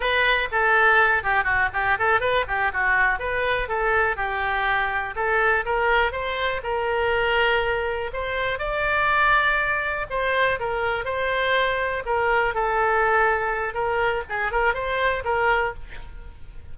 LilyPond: \new Staff \with { instrumentName = "oboe" } { \time 4/4 \tempo 4 = 122 b'4 a'4. g'8 fis'8 g'8 | a'8 b'8 g'8 fis'4 b'4 a'8~ | a'8 g'2 a'4 ais'8~ | ais'8 c''4 ais'2~ ais'8~ |
ais'8 c''4 d''2~ d''8~ | d''8 c''4 ais'4 c''4.~ | c''8 ais'4 a'2~ a'8 | ais'4 gis'8 ais'8 c''4 ais'4 | }